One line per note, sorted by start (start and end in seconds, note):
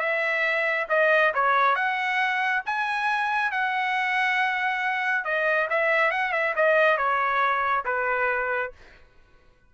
0.00 0.87 E5
0.89 1.33 D#5
1.34 1.75 C#5
1.75 2.62 F#5
2.66 3.51 G#5
3.51 5.25 F#5
5.25 5.68 D#5
5.70 6.11 E5
6.11 6.32 F#5
6.32 6.54 E5
6.56 6.97 D#5
6.97 7.84 C#5
7.85 8.72 B4